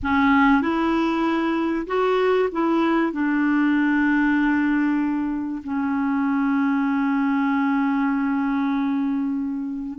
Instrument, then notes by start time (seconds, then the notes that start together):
clarinet
0.02 C#4
0.61 E4
1.86 F#4
2.52 E4
3.12 D4
5.63 C#4